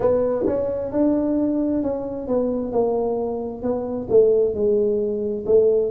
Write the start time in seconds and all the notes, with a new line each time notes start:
0.00 B3
0.46 C#4
0.91 D4
1.82 C#4
2.27 B3
2.72 A#3
3.62 B3
4.09 A3
4.54 G#3
5.45 A3